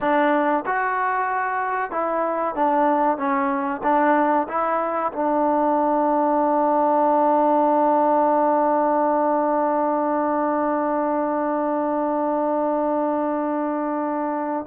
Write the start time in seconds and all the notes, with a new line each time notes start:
0.00 D4
0.66 F#4
1.91 E4
2.55 D4
3.17 C#4
3.83 D4
4.48 E4
5.12 D4